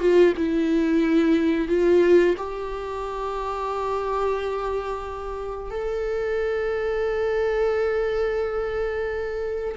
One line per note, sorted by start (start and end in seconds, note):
0.00 0.34 F4
0.37 1.68 E4
1.68 2.36 F4
2.37 5.71 G4
5.71 9.75 A4